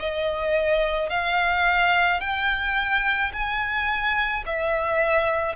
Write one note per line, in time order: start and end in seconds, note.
0.00 1.10 D#5
1.10 2.21 F5
2.21 3.32 G5
3.33 4.44 G#5
4.46 5.56 E5